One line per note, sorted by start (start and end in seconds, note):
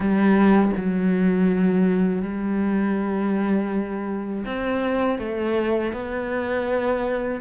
0.00 0.71 G3
0.76 2.22 F#3
2.22 4.44 G3
4.45 5.18 C4
5.18 5.92 A3
5.93 7.40 B3